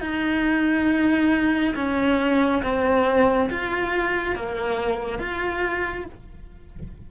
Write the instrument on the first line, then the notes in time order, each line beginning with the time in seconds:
cello
0.00 D#4
1.75 C#4
2.62 C4
3.50 F4
4.35 A#3
5.18 F4